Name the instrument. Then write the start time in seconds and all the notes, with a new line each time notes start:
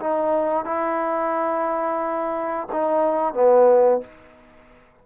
trombone
0.00 D#4
0.65 E4
2.72 D#4
3.34 B3